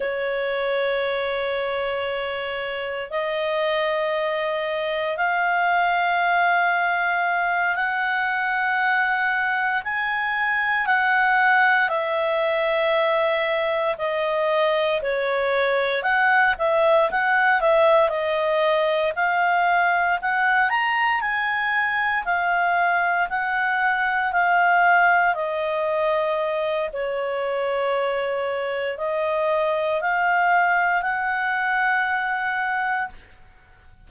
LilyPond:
\new Staff \with { instrumentName = "clarinet" } { \time 4/4 \tempo 4 = 58 cis''2. dis''4~ | dis''4 f''2~ f''8 fis''8~ | fis''4. gis''4 fis''4 e''8~ | e''4. dis''4 cis''4 fis''8 |
e''8 fis''8 e''8 dis''4 f''4 fis''8 | ais''8 gis''4 f''4 fis''4 f''8~ | f''8 dis''4. cis''2 | dis''4 f''4 fis''2 | }